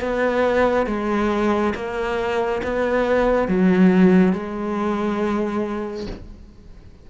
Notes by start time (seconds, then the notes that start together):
0.00 B3
0.86 G#3
1.74 A#3
2.63 B3
3.48 F#3
4.32 G#3